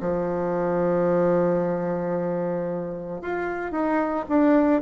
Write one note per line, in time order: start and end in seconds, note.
0.00 3.21 F3
3.21 3.71 F4
3.71 4.25 D#4
4.28 4.81 D4